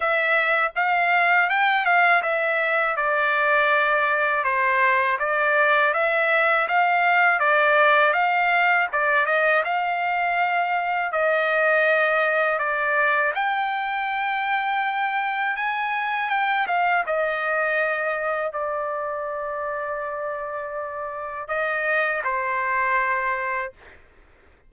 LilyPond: \new Staff \with { instrumentName = "trumpet" } { \time 4/4 \tempo 4 = 81 e''4 f''4 g''8 f''8 e''4 | d''2 c''4 d''4 | e''4 f''4 d''4 f''4 | d''8 dis''8 f''2 dis''4~ |
dis''4 d''4 g''2~ | g''4 gis''4 g''8 f''8 dis''4~ | dis''4 d''2.~ | d''4 dis''4 c''2 | }